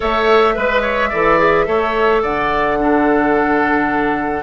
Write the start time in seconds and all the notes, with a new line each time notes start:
0.00 A3 A4 C#5 E5
0.54 G#3 B4
0.81 C#5
1.09 E3 A4 D5
1.38 G#4
1.65 A3 A4 C#5
2.22 D3 D5 F#5
2.80 D4 A4